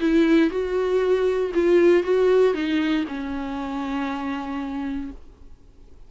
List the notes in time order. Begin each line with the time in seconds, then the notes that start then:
0.00 E4
0.50 F#4
1.54 F4
2.03 F#4
2.54 D#4
3.07 C#4